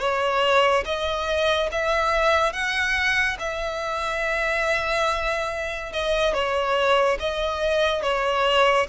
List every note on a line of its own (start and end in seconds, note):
0.00 0.85 C#5
0.86 1.70 D#5
1.72 2.53 E5
2.53 3.38 F#5
3.40 5.93 E5
5.93 6.34 D#5
6.34 7.18 C#5
7.20 8.03 D#5
8.03 8.87 C#5